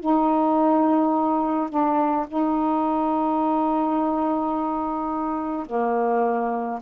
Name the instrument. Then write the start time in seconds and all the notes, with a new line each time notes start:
saxophone
0.00 D#4
1.70 D4
2.28 D#4
5.66 A#3